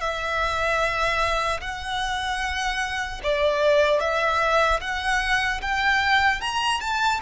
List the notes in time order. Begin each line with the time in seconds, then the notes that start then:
0.00 E5
1.60 F#5
3.23 D5
4.00 E5
4.80 F#5
5.61 G5
6.40 A#5
6.80 A5